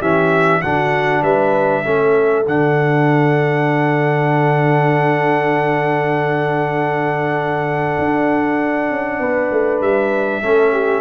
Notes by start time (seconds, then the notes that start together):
0.00 E3 C#4 G4 E5
0.62 D3 D4 F#4 F#5
1.23 G3 B4 E5
1.84 A3 C#4 A4
2.47 D3 D4 F#5
7.99 D4
8.91 C#4
9.20 B3 B4
9.52 A3
9.81 G3 E5
10.43 A3 C#4 A4
10.73 G4